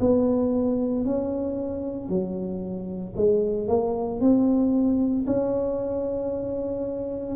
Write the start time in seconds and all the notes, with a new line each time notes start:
0.00 B3
1.05 C#4
2.09 F#3
3.16 G#3
3.68 A#3
4.21 C4
5.26 C#4